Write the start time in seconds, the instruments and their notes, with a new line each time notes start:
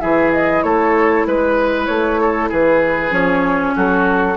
0.00 bassoon E3, clarinet E4, oboe G#4, flute E5
0.33 flute D#5
0.64 bassoon A3, oboe A4, flute C#5
1.26 bassoon G#3, flute B4, oboe B4
1.87 bassoon A3, flute C#5
2.21 oboe A4
2.50 bassoon E3, oboe G#4, flute B4
3.11 bassoon F3, clarinet C#4, flute C#5
3.76 bassoon F#3, oboe F#4, flute A4